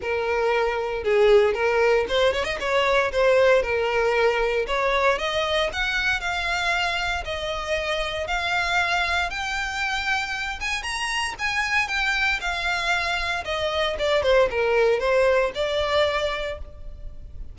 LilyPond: \new Staff \with { instrumentName = "violin" } { \time 4/4 \tempo 4 = 116 ais'2 gis'4 ais'4 | c''8 cis''16 dis''16 cis''4 c''4 ais'4~ | ais'4 cis''4 dis''4 fis''4 | f''2 dis''2 |
f''2 g''2~ | g''8 gis''8 ais''4 gis''4 g''4 | f''2 dis''4 d''8 c''8 | ais'4 c''4 d''2 | }